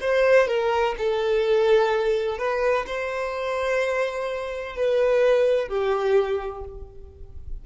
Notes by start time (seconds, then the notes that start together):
0.00 C5
0.48 A#4
0.98 A4
2.38 B4
2.86 C5
4.76 B4
5.68 G4